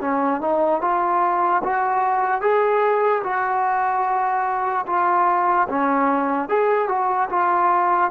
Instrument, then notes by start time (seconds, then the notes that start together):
trombone
0.00 C#4
0.40 D#4
0.81 F4
1.63 F#4
2.41 G#4
3.23 F#4
4.86 F4
5.68 C#4
6.49 G#4
6.88 F#4
7.29 F4